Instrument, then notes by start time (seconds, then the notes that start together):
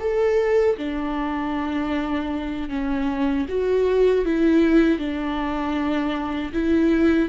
viola
0.00 A4
0.77 D4
2.69 C#4
3.49 F#4
4.26 E4
4.99 D4
6.53 E4